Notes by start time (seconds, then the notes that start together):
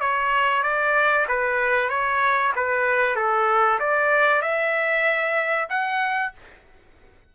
0.00 C#5
0.63 D5
1.28 B4
1.89 C#5
2.55 B4
3.16 A4
3.79 D5
4.42 E5
5.69 F#5